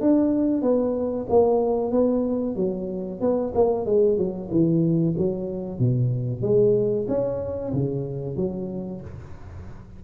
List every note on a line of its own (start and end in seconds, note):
0.00 0.61 D4
0.61 1.26 B3
1.29 1.91 A#3
1.91 2.55 B3
2.55 3.20 F#3
3.20 3.52 B3
3.54 3.85 A#3
3.85 4.17 G#3
4.17 4.50 F#3
4.50 5.15 E3
5.17 5.79 F#3
5.79 6.42 B2
6.42 7.06 G#3
7.08 7.72 C#4
7.73 8.36 C#3
8.36 9.00 F#3